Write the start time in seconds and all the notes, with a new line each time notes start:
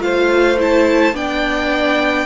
0.00 A3 F4 C5 F5
0.59 E4 A5
1.13 B3 D4 D5 G5